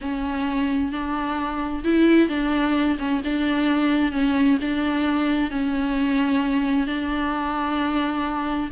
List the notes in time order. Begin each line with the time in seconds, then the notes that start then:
0.01 C#4
0.92 D4
1.84 E4
2.28 D4
2.99 C#4
3.24 D4
4.12 C#4
4.61 D4
5.50 C#4
6.86 D4